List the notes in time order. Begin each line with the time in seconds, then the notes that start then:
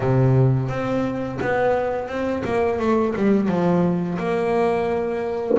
0.00 C3
0.68 C4
1.41 B3
2.08 C4
2.44 A#3
2.79 A3
3.16 G3
3.48 F3
4.18 A#3